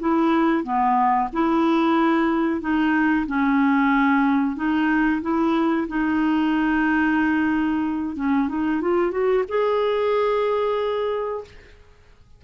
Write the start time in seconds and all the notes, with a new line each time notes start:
0.00 E4
0.64 B3
1.33 E4
2.61 D#4
3.27 C#4
4.57 D#4
5.22 E4
5.88 D#4
8.16 C#4
8.49 D#4
8.81 F4
9.11 F#4
9.49 G#4